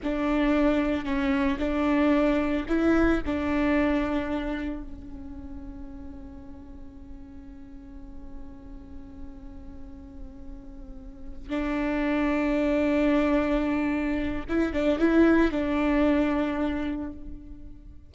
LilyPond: \new Staff \with { instrumentName = "viola" } { \time 4/4 \tempo 4 = 112 d'2 cis'4 d'4~ | d'4 e'4 d'2~ | d'4 cis'2.~ | cis'1~ |
cis'1~ | cis'4. d'2~ d'8~ | d'2. e'8 d'8 | e'4 d'2. | }